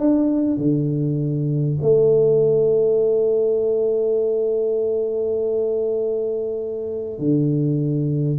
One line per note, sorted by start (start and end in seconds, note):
0.00 0.58 D4
0.58 1.78 D3
1.82 7.19 A3
7.19 8.39 D3